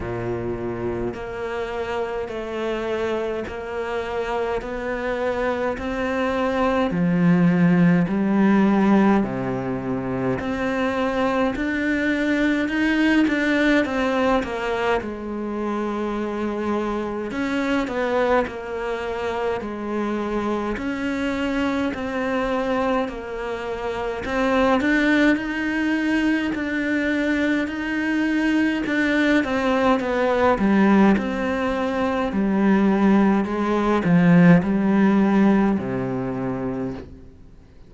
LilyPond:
\new Staff \with { instrumentName = "cello" } { \time 4/4 \tempo 4 = 52 ais,4 ais4 a4 ais4 | b4 c'4 f4 g4 | c4 c'4 d'4 dis'8 d'8 | c'8 ais8 gis2 cis'8 b8 |
ais4 gis4 cis'4 c'4 | ais4 c'8 d'8 dis'4 d'4 | dis'4 d'8 c'8 b8 g8 c'4 | g4 gis8 f8 g4 c4 | }